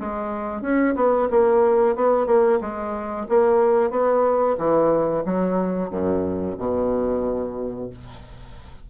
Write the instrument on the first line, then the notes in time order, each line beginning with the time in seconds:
bassoon
0.00 G#3
0.62 C#4
0.96 B3
1.31 A#3
1.96 B3
2.27 A#3
2.61 G#3
3.29 A#3
3.91 B3
4.58 E3
5.26 F#3
5.90 F#2
6.58 B2